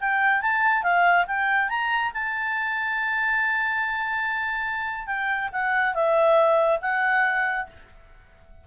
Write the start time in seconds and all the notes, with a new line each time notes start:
0.00 G5
0.42 A5
0.83 F5
1.27 G5
1.69 A#5
2.14 A5
5.07 G5
5.52 F#5
5.94 E5
6.81 F#5